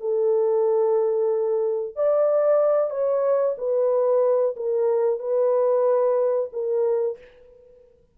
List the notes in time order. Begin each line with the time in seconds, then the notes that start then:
0.00 A4
1.95 D5
2.90 C#5
3.57 B4
4.56 A#4
5.19 B4
6.52 A#4